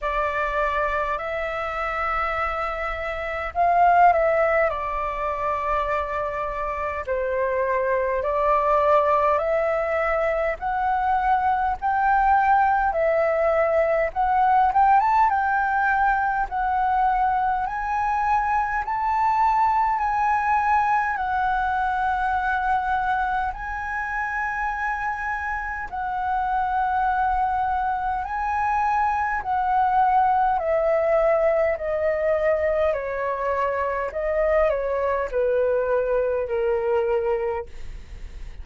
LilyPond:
\new Staff \with { instrumentName = "flute" } { \time 4/4 \tempo 4 = 51 d''4 e''2 f''8 e''8 | d''2 c''4 d''4 | e''4 fis''4 g''4 e''4 | fis''8 g''16 a''16 g''4 fis''4 gis''4 |
a''4 gis''4 fis''2 | gis''2 fis''2 | gis''4 fis''4 e''4 dis''4 | cis''4 dis''8 cis''8 b'4 ais'4 | }